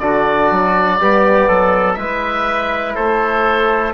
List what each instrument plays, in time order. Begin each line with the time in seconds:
0.00 bassoon D3, trombone D4, trumpet F#4, oboe D5
0.51 bassoon F#3
0.99 bassoon G3, trombone B3, trumpet G4
1.48 bassoon F#3, trumpet A4
1.94 bassoon G#3, trombone E4, trumpet B4, oboe E5
2.96 bassoon A3, trumpet A4, oboe C5